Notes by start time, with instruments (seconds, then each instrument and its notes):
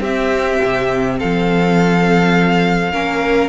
0.00 cello C4, viola C4, violin G4 E5
0.63 cello C3
1.19 cello F3, violin A4 F5
2.92 cello A#3, viola C#4, violin A#4